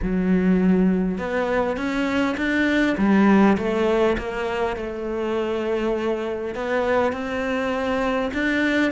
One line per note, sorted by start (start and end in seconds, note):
0.02 1.18 F#3
1.18 1.76 B3
1.76 2.36 C#4
2.37 2.96 D4
2.97 3.57 G3
3.57 4.17 A3
4.18 4.76 A#3
4.76 6.54 A3
6.54 7.12 B3
7.12 8.31 C4
8.33 8.91 D4